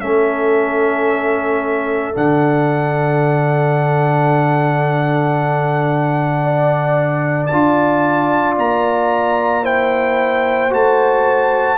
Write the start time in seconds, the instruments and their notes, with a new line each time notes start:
0.00 tuba A3, trombone C#4, horn A4, trumpet E5
2.13 tuba D3, trombone D4, trumpet F#5
6.43 horn D5
7.46 tuba D4, trombone F4, trumpet A5
8.57 tuba A#3, trumpet A#5
9.63 trombone E4, horn C5, trumpet G5
10.70 tuba A3, trombone F#4, trumpet A5